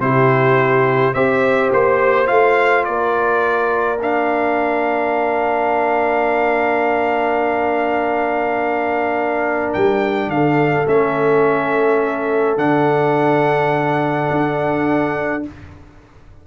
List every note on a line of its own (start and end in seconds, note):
0.00 1.14 C3
0.00 1.15 E4
0.00 1.15 G4
0.00 1.14 C5
1.14 1.72 C4
1.14 2.26 G4
1.14 2.86 C5
1.14 1.71 E5
1.73 2.30 A#3
1.73 2.27 C5
2.26 2.87 A3
2.26 3.97 F4
2.26 2.84 F5
2.85 9.73 A#3
2.85 10.31 A#4
2.85 3.99 D5
4.01 10.87 D4
4.01 9.73 F5
9.73 10.27 G3
9.73 10.30 G5
10.27 10.85 D3
10.27 15.47 A4
10.27 10.87 F5
10.87 12.57 A3
10.87 12.57 C#4
10.87 12.58 E5
12.57 14.29 D3
12.57 15.43 D4
12.57 15.44 F#5
14.31 15.45 D4